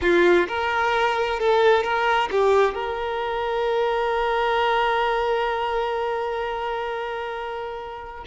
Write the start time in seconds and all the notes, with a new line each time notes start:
0.01 F4
0.48 A#4
1.39 A4
1.83 A#4
2.31 G4
2.74 A#4